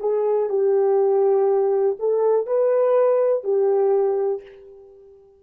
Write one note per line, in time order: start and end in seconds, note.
0.00 0.49 G#4
0.49 1.97 G4
1.99 2.46 A4
2.46 3.43 B4
3.43 4.42 G4